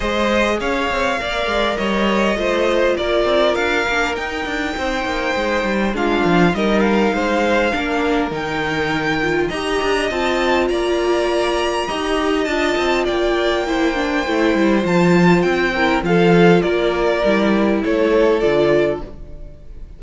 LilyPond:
<<
  \new Staff \with { instrumentName = "violin" } { \time 4/4 \tempo 4 = 101 dis''4 f''2 dis''4~ | dis''4 d''4 f''4 g''4~ | g''2 f''4 dis''8 f''8~ | f''2 g''2 |
ais''4 a''4 ais''2~ | ais''4 a''4 g''2~ | g''4 a''4 g''4 f''4 | d''2 cis''4 d''4 | }
  \new Staff \with { instrumentName = "violin" } { \time 4/4 c''4 cis''4 d''4 cis''4 | c''4 ais'2. | c''2 f'4 ais'4 | c''4 ais'2. |
dis''2 d''2 | dis''2 d''4 c''4~ | c''2~ c''8 ais'8 a'4 | ais'2 a'2 | }
  \new Staff \with { instrumentName = "viola" } { \time 4/4 gis'2 ais'2 | f'2~ f'8 d'8 dis'4~ | dis'2 d'4 dis'4~ | dis'4 d'4 dis'4. f'8 |
g'4 f'2. | g'4 f'2 e'8 d'8 | e'4 f'4. e'8 f'4~ | f'4 e'2 f'4 | }
  \new Staff \with { instrumentName = "cello" } { \time 4/4 gis4 cis'8 c'8 ais8 gis8 g4 | a4 ais8 c'8 d'8 ais8 dis'8 d'8 | c'8 ais8 gis8 g8 gis8 f8 g4 | gis4 ais4 dis2 |
dis'8 d'8 c'4 ais2 | dis'4 d'8 c'8 ais2 | a8 g8 f4 c'4 f4 | ais4 g4 a4 d4 | }
>>